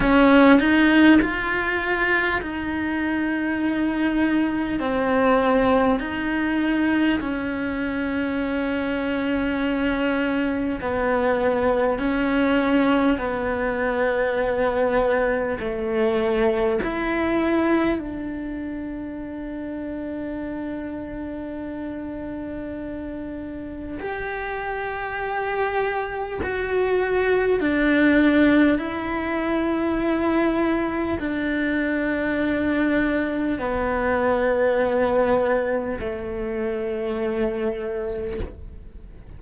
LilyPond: \new Staff \with { instrumentName = "cello" } { \time 4/4 \tempo 4 = 50 cis'8 dis'8 f'4 dis'2 | c'4 dis'4 cis'2~ | cis'4 b4 cis'4 b4~ | b4 a4 e'4 d'4~ |
d'1 | g'2 fis'4 d'4 | e'2 d'2 | b2 a2 | }